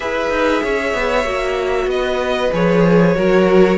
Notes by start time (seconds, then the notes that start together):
0.00 E4 G#4 B4 E5
0.30 D#4
0.62 C#4 C#5
0.94 B3
1.24 A#3 F#4
1.86 B3 B4 D#5
2.52 F3 G#4 C#5
3.15 F#3 F#4 A#4